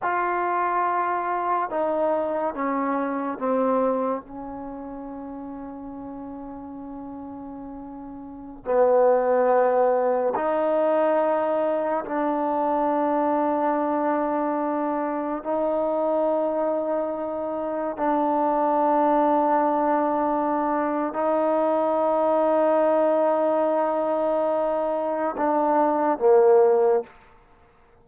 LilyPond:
\new Staff \with { instrumentName = "trombone" } { \time 4/4 \tempo 4 = 71 f'2 dis'4 cis'4 | c'4 cis'2.~ | cis'2~ cis'16 b4.~ b16~ | b16 dis'2 d'4.~ d'16~ |
d'2~ d'16 dis'4.~ dis'16~ | dis'4~ dis'16 d'2~ d'8.~ | d'4 dis'2.~ | dis'2 d'4 ais4 | }